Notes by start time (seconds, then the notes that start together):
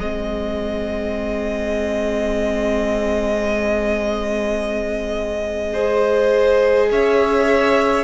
0.00 G#3 C4 G#4 D#5
5.73 G#4 C5
6.92 C#4 C#5 E5